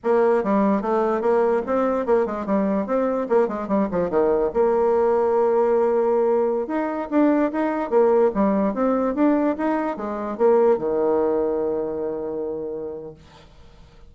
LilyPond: \new Staff \with { instrumentName = "bassoon" } { \time 4/4 \tempo 4 = 146 ais4 g4 a4 ais4 | c'4 ais8 gis8 g4 c'4 | ais8 gis8 g8 f8 dis4 ais4~ | ais1~ |
ais16 dis'4 d'4 dis'4 ais8.~ | ais16 g4 c'4 d'4 dis'8.~ | dis'16 gis4 ais4 dis4.~ dis16~ | dis1 | }